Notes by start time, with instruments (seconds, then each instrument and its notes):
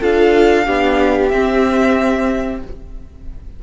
0.00 cello D4, viola F4, violin A4 F5
0.65 cello B3, viola D4, violin G4
1.29 cello C4, viola C4, violin E5